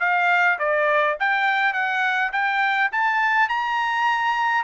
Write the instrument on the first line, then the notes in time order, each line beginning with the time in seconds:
trumpet
0.00 F5
0.59 D5
1.19 G5
1.73 F#5
2.32 G5
2.92 A5
3.49 A#5